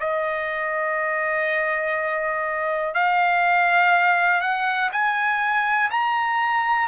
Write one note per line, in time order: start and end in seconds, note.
0.00 2.95 D#5
2.95 4.41 F5
4.41 4.90 F#5
4.92 5.91 G#5
5.91 6.88 A#5